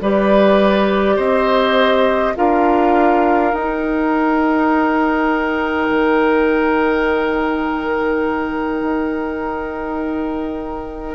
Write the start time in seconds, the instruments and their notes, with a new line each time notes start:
0.00 bassoon G3, clarinet G4, oboe B4, flute D5
1.16 bassoon C4, oboe C5, flute D#5
2.35 bassoon D4, clarinet F4, oboe A#4, flute F5
3.52 bassoon D#4, clarinet D#4, flute G5
5.89 bassoon D#3
8.81 bassoon D#4